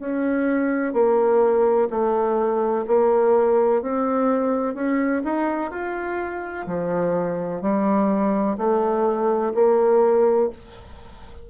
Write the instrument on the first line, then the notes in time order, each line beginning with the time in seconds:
bassoon
0.00 C#4
0.94 A#3
1.90 A3
2.87 A#3
3.83 C4
4.75 C#4
5.25 D#4
5.71 F4
6.68 F3
7.62 G3
8.58 A3
9.55 A#3